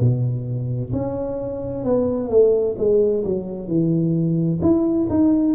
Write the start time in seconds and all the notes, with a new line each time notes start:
0.00 B2
0.92 C#4
1.84 B3
2.30 A3
2.78 G#3
3.25 F#3
3.68 E3
4.62 E4
5.10 D#4